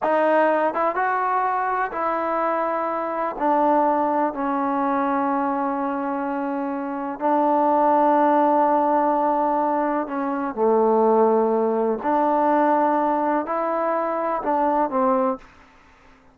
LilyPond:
\new Staff \with { instrumentName = "trombone" } { \time 4/4 \tempo 4 = 125 dis'4. e'8 fis'2 | e'2. d'4~ | d'4 cis'2.~ | cis'2. d'4~ |
d'1~ | d'4 cis'4 a2~ | a4 d'2. | e'2 d'4 c'4 | }